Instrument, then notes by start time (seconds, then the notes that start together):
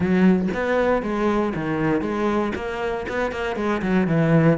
cello
0.00 F#3
0.54 B3
1.02 G#3
1.55 D#3
2.01 G#3
2.55 A#3
3.08 B3
3.31 A#3
3.56 G#3
3.82 F#3
4.07 E3